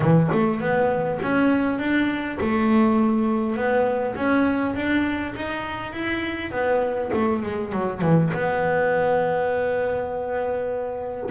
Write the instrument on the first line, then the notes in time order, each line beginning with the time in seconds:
double bass
0.00 E3
0.32 A3
0.60 B3
1.22 C#4
1.78 D4
2.40 A3
3.56 B3
4.15 C#4
4.75 D4
5.35 D#4
5.92 E4
6.51 B3
7.13 A3
7.42 G#3
7.72 F#3
8.01 E3
8.33 B3